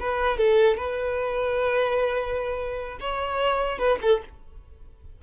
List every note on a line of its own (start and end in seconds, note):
0.00 0.38 B4
0.38 0.77 A4
0.77 2.99 B4
3.00 3.79 C#5
3.79 3.99 B4
4.02 4.22 A4